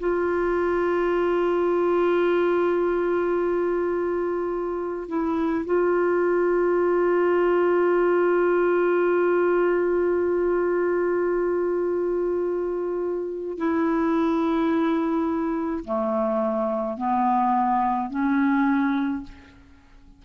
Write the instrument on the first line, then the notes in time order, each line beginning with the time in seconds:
clarinet
0.00 F4
5.08 E4
5.66 F4
13.58 E4
15.85 A3
16.98 B3
18.10 C#4